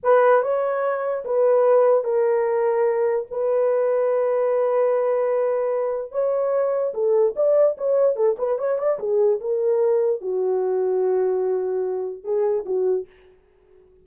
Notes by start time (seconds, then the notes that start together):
0.03 B4
0.42 C#5
1.24 B4
2.04 A#4
3.31 B4
6.11 C#5
6.94 A4
7.36 D5
7.77 C#5
8.16 A4
8.38 B4
8.58 C#5
8.78 D5
8.99 G#4
9.40 A#4
10.21 F#4
12.23 G#4
12.65 F#4